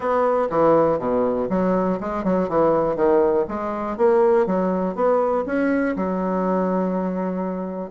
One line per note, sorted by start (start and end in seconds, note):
0.00 0.48 B3
0.50 0.98 E3
0.98 1.48 B2
1.49 1.99 F#3
2.00 2.24 G#3
2.24 2.48 F#3
2.49 2.95 E3
2.95 3.45 D#3
3.47 3.97 G#3
3.97 4.46 A#3
4.46 4.95 F#3
4.95 5.44 B3
5.45 5.95 C#4
5.96 7.91 F#3